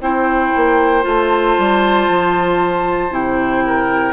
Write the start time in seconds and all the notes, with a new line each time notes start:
0.00 C4 E4 C5 G5
0.56 A#3
1.02 A3 F4
1.08 A5
1.58 G3
2.09 F3
3.10 C3 E4 G5
3.66 A#4